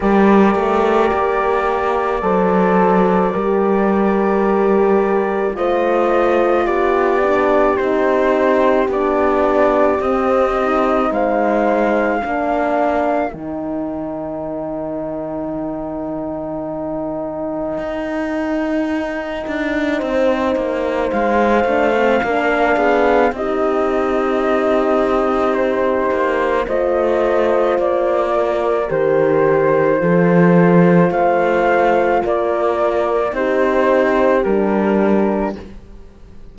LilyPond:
<<
  \new Staff \with { instrumentName = "flute" } { \time 4/4 \tempo 4 = 54 d''1~ | d''4 dis''4 d''4 c''4 | d''4 dis''4 f''2 | g''1~ |
g''2. f''4~ | f''4 dis''2 c''4 | dis''4 d''4 c''2 | f''4 d''4 c''4 ais'4 | }
  \new Staff \with { instrumentName = "horn" } { \time 4/4 ais'2 c''4 ais'4~ | ais'4 c''4 g'2~ | g'2 c''4 ais'4~ | ais'1~ |
ais'2 c''2 | ais'8 gis'8 g'2. | c''4. ais'4. a'4 | c''4 ais'4 g'2 | }
  \new Staff \with { instrumentName = "horn" } { \time 4/4 g'2 a'4 g'4~ | g'4 f'4. d'8 dis'4 | d'4 c'8 dis'4. d'4 | dis'1~ |
dis'2.~ dis'8 d'16 c'16 | d'4 dis'2. | f'2 g'4 f'4~ | f'2 dis'4 d'4 | }
  \new Staff \with { instrumentName = "cello" } { \time 4/4 g8 a8 ais4 fis4 g4~ | g4 a4 b4 c'4 | b4 c'4 gis4 ais4 | dis1 |
dis'4. d'8 c'8 ais8 gis8 a8 | ais8 b8 c'2~ c'8 ais8 | a4 ais4 dis4 f4 | a4 ais4 c'4 g4 | }
>>